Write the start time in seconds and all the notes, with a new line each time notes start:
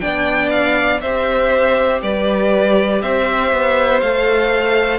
0.00 B3 D4 D5 G5
0.51 F5
1.01 C4 G4 C5 E5
2.02 G3 B4 D5
3.02 C4 C5 E5
3.52 B3
4.00 A3 A4 F5